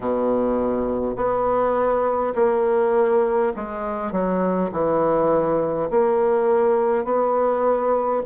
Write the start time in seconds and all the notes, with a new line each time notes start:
0.00 B2
1.16 B3
2.35 A#3
3.56 G#3
4.12 F#3
4.72 E3
5.90 A#3
7.04 B3